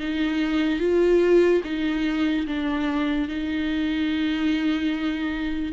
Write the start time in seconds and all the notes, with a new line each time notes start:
0.00 D#4
0.80 F4
1.64 D#4
2.47 D4
3.29 D#4